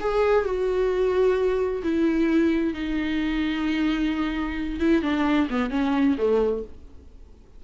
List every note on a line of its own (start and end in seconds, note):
0.00 0.44 G#4
0.44 1.82 F#4
1.83 2.73 E4
2.73 4.79 D#4
4.79 5.02 E4
5.02 5.48 D4
5.49 5.70 B3
5.70 6.16 C#4
6.17 6.63 A3